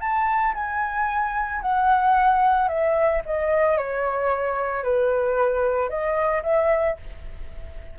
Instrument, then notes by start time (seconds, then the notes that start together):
flute
0.00 A5
0.54 G#5
1.61 F#5
2.68 E5
3.25 D#5
3.77 C#5
4.83 B4
5.89 D#5
6.43 E5